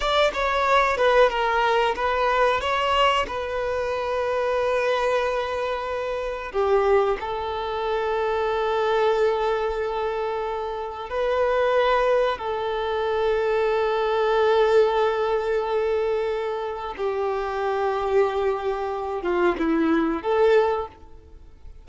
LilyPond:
\new Staff \with { instrumentName = "violin" } { \time 4/4 \tempo 4 = 92 d''8 cis''4 b'8 ais'4 b'4 | cis''4 b'2.~ | b'2 g'4 a'4~ | a'1~ |
a'4 b'2 a'4~ | a'1~ | a'2 g'2~ | g'4. f'8 e'4 a'4 | }